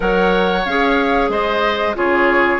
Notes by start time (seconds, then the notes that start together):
0.00 F#3 A#4 C#5 F#5
0.65 C#4 G#4 F5
1.29 G#3 C5 D#5
1.94 C#3 F4 G#4 C#5